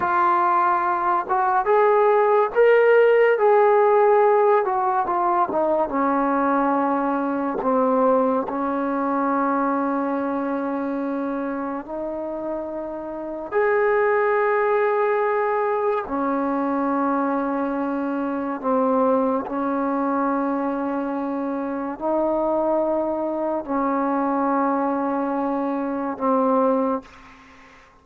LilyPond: \new Staff \with { instrumentName = "trombone" } { \time 4/4 \tempo 4 = 71 f'4. fis'8 gis'4 ais'4 | gis'4. fis'8 f'8 dis'8 cis'4~ | cis'4 c'4 cis'2~ | cis'2 dis'2 |
gis'2. cis'4~ | cis'2 c'4 cis'4~ | cis'2 dis'2 | cis'2. c'4 | }